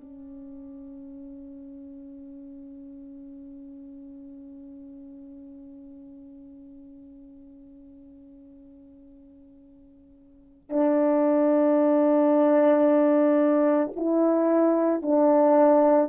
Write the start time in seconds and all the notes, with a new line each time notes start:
0.00 C#4
10.69 D4
13.96 E4
15.02 D4